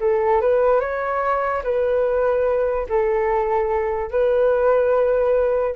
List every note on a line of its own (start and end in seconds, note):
0.00 0.41 A4
0.41 0.80 B4
0.80 1.63 C#5
1.63 2.87 B4
2.89 4.11 A4
4.11 5.75 B4